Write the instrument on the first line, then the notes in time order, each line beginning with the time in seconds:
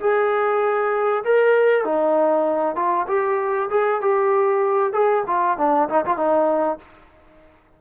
trombone
0.00 G#4
1.25 A#4
1.84 D#4
2.76 F4
3.08 G4
3.70 G#4
4.01 G4
4.93 G#4
5.27 F4
5.58 D4
5.89 D#4
6.05 F4
6.17 D#4